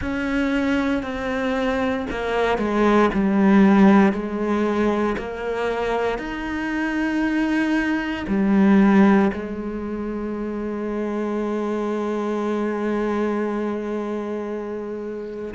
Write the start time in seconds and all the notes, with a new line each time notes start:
0.00 C#4
1.03 C4
2.10 A#3
2.58 G#3
3.13 G3
4.12 G#3
5.17 A#3
6.18 D#4
8.27 G3
9.33 G#3